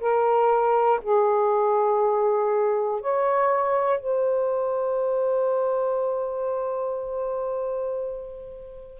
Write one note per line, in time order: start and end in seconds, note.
0.00 1.00 A#4
1.02 3.00 G#4
3.00 3.99 C#5
3.99 8.99 C5